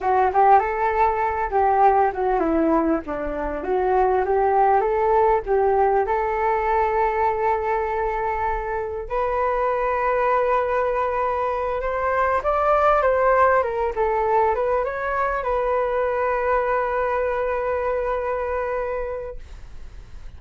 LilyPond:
\new Staff \with { instrumentName = "flute" } { \time 4/4 \tempo 4 = 99 fis'8 g'8 a'4. g'4 fis'8 | e'4 d'4 fis'4 g'4 | a'4 g'4 a'2~ | a'2. b'4~ |
b'2.~ b'8 c''8~ | c''8 d''4 c''4 ais'8 a'4 | b'8 cis''4 b'2~ b'8~ | b'1 | }